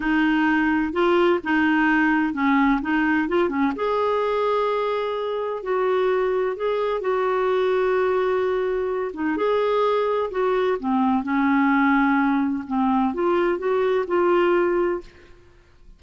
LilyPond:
\new Staff \with { instrumentName = "clarinet" } { \time 4/4 \tempo 4 = 128 dis'2 f'4 dis'4~ | dis'4 cis'4 dis'4 f'8 cis'8 | gis'1 | fis'2 gis'4 fis'4~ |
fis'2.~ fis'8 dis'8 | gis'2 fis'4 c'4 | cis'2. c'4 | f'4 fis'4 f'2 | }